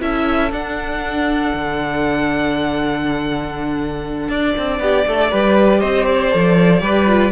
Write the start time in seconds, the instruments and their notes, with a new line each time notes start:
0.00 cello C#4, viola E4, violin A4 E5
0.52 cello D4, viola D4, violin F#5
1.54 cello D3
4.29 cello D4, violin D5
4.58 cello C4
4.80 cello B3, violin G4
5.07 cello A3, violin A4
5.30 cello G3, viola G4, violin B4
5.80 cello C4, violin C5 D#5
6.06 violin D5
6.31 cello F3, viola A4
6.80 cello G3, viola G4, violin B4
7.06 viola F4